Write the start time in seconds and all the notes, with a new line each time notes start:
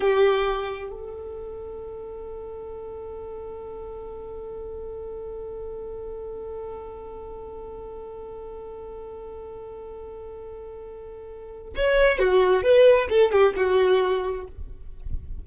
0.00 G4
0.90 A4
11.75 C#5
12.19 F#4
12.63 B4
13.09 A4
13.31 G4
13.56 F#4